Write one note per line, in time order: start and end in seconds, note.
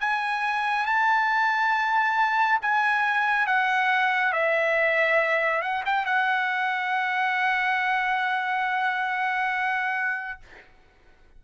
0.00 0.85 G#5
0.85 2.59 A5
2.62 3.46 G#5
3.46 4.32 F#5
4.32 5.62 E5
5.62 5.83 F#5
5.85 6.05 G5
6.05 10.40 F#5